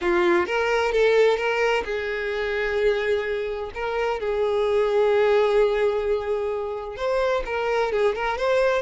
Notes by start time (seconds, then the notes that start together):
0.01 F4
0.46 A#4
0.92 A4
1.37 A#4
1.85 G#4
3.74 A#4
4.20 G#4
6.96 C5
7.45 A#4
7.92 G#4
8.15 A#4
8.37 C5